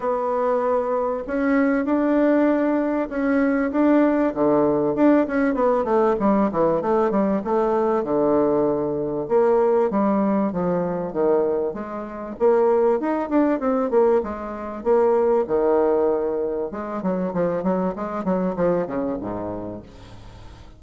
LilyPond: \new Staff \with { instrumentName = "bassoon" } { \time 4/4 \tempo 4 = 97 b2 cis'4 d'4~ | d'4 cis'4 d'4 d4 | d'8 cis'8 b8 a8 g8 e8 a8 g8 | a4 d2 ais4 |
g4 f4 dis4 gis4 | ais4 dis'8 d'8 c'8 ais8 gis4 | ais4 dis2 gis8 fis8 | f8 fis8 gis8 fis8 f8 cis8 gis,4 | }